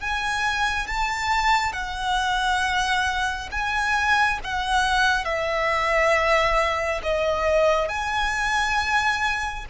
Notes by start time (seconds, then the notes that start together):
0.00 G#5
0.87 A5
1.72 F#5
3.51 G#5
4.44 F#5
5.24 E5
7.03 D#5
7.89 G#5